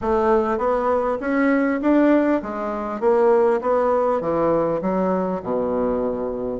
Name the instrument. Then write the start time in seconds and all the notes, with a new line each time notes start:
bassoon
0.01 A3
0.58 B3
1.20 C#4
1.81 D4
2.42 G#3
3.00 A#3
3.61 B3
4.21 E3
4.81 F#3
5.42 B2